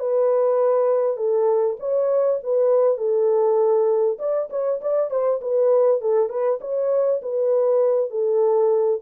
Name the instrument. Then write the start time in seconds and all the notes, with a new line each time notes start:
horn
0.00 B4
1.17 A4
1.80 C#5
2.43 B4
2.98 A4
4.19 D5
4.50 C#5
4.81 D5
5.11 C5
5.41 B4
6.01 A4
6.29 B4
6.61 C#5
7.22 B4
8.11 A4